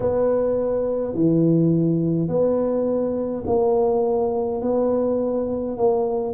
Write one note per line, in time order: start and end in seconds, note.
0.00 1.14 B3
1.14 2.28 E3
2.28 3.43 B3
3.46 4.62 A#3
4.62 5.77 B3
5.77 6.34 A#3